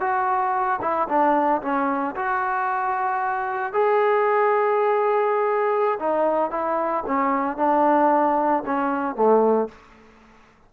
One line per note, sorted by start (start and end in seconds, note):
0.00 0.80 F#4
0.81 1.07 E4
1.08 1.61 D4
1.62 2.15 C#4
2.15 3.73 F#4
3.73 5.98 G#4
5.99 6.50 D#4
6.50 7.04 E4
7.06 7.57 C#4
7.57 8.63 D4
8.66 9.15 C#4
9.15 9.68 A3